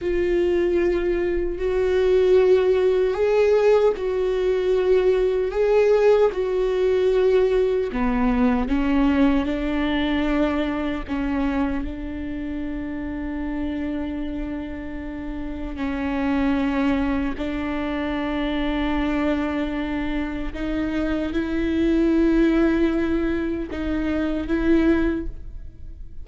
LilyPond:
\new Staff \with { instrumentName = "viola" } { \time 4/4 \tempo 4 = 76 f'2 fis'2 | gis'4 fis'2 gis'4 | fis'2 b4 cis'4 | d'2 cis'4 d'4~ |
d'1 | cis'2 d'2~ | d'2 dis'4 e'4~ | e'2 dis'4 e'4 | }